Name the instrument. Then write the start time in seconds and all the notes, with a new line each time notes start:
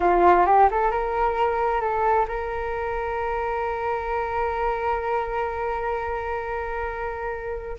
flute
0.00 F4
0.46 G4
0.70 A4
0.91 A#4
1.80 A4
2.28 A#4